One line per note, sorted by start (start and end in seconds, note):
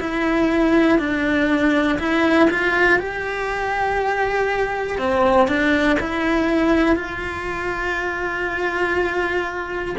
0.00 0.99 E4
0.99 1.99 D4
1.99 2.49 E4
2.50 2.99 F4
2.99 4.98 G4
4.98 5.48 C4
5.48 5.98 D4
5.99 6.95 E4
6.95 9.95 F4